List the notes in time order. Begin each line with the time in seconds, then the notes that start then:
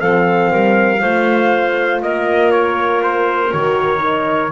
0.00 F3 C4 A4 F5
0.52 G3 A#4
1.01 A3 F4 C5
2.02 A#3 A#4 D#5
2.52 C#5
3.02 C5
3.52 D#3 F#4 C#5
3.99 D#4